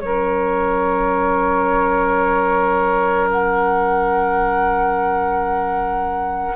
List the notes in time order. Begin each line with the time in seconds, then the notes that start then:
0.00 F#3 C#4 A#4 C#5
3.30 F#5